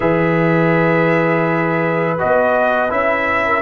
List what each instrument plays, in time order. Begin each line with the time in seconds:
0.00 tuba E3, trombone G#4, horn B4, trumpet E5
2.18 tuba B3, trombone F#4, trumpet D#5
2.89 tuba C#4, trombone E4, trumpet E5
3.46 horn A#4